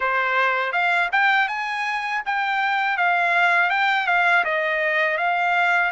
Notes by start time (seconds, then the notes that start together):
0.00 C5
0.72 F5
1.12 G5
1.48 G#5
2.25 G5
2.97 F5
3.70 G5
4.06 F5
4.44 D#5
5.17 F5